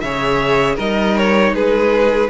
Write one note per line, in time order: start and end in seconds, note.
0.00 0.78 C#3
0.00 0.78 G#4
0.00 0.75 C#5
0.00 0.76 E5
0.75 1.53 G3
0.75 2.30 D#4
0.75 1.51 A#4
0.75 1.17 D#5
1.17 1.55 C#5
1.53 2.29 G#3
1.53 2.30 G#4
1.53 2.30 B4